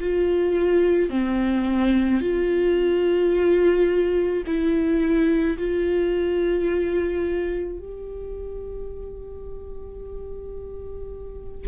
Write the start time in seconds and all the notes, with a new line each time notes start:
0.00 F4
1.10 C4
2.21 F4
4.46 E4
5.58 F4
7.79 G4